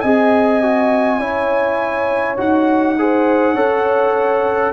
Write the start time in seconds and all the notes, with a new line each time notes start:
0.00 C4 G#4 D#5 G#5
0.62 F#4
1.19 C#4 E4 C#5
2.37 D#4 F#4 F#5
2.98 G#4 C5
3.54 C#4 A4 C#5